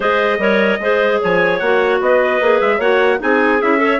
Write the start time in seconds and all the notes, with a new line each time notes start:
0.00 G#3 G#4 C5 D#5
0.38 G3 A#4 C#5
0.80 G#3 G#4 C5
1.21 F3 C#5 G#5
1.58 A#3 F#4 F#5
2.00 B3 B4 D#5
2.40 A#3 G#4
2.60 G#3 E5
2.78 A#3 F#4 C#5 F#5
3.18 C4 D#4 G#4 G#5
3.61 C#4 E4 E5
3.77 A4 C#5